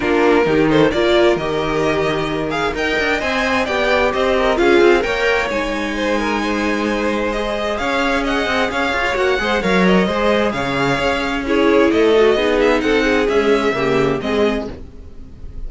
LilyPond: <<
  \new Staff \with { instrumentName = "violin" } { \time 4/4 \tempo 4 = 131 ais'4. c''8 d''4 dis''4~ | dis''4. f''8 g''4 gis''4 | g''4 dis''4 f''4 g''4 | gis''1 |
dis''4 f''4 fis''4 f''4 | fis''4 f''8 dis''4. f''4~ | f''4 cis''4 dis''4. e''8 | fis''4 e''2 dis''4 | }
  \new Staff \with { instrumentName = "violin" } { \time 4/4 f'4 g'8 a'8 ais'2~ | ais'2 dis''2 | d''4 c''8 ais'8 gis'4 cis''4~ | cis''4 c''8 ais'8 c''2~ |
c''4 cis''4 dis''4 cis''4~ | cis''8 c''8 cis''4 c''4 cis''4~ | cis''4 gis'4 a'4 gis'4 | a'8 gis'4. g'4 gis'4 | }
  \new Staff \with { instrumentName = "viola" } { \time 4/4 d'4 dis'4 f'4 g'4~ | g'4. gis'8 ais'4 c''4 | g'2 f'4 ais'4 | dis'1 |
gis'1 | fis'8 gis'8 ais'4 gis'2~ | gis'4 e'4. fis'8 dis'4~ | dis'4 gis4 ais4 c'4 | }
  \new Staff \with { instrumentName = "cello" } { \time 4/4 ais4 dis4 ais4 dis4~ | dis2 dis'8 d'8 c'4 | b4 c'4 cis'8 c'8 ais4 | gis1~ |
gis4 cis'4. c'8 cis'8 f'8 | ais8 gis8 fis4 gis4 cis4 | cis'2 a4 b4 | c'4 cis'4 cis4 gis4 | }
>>